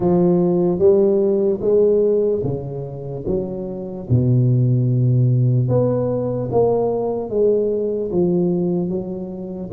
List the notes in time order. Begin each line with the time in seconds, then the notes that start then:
0.00 F3
0.79 G3
1.61 G#3
2.43 C#3
3.26 F#3
4.09 B2
5.68 B3
6.51 A#3
7.29 G#3
8.11 F3
8.89 F#3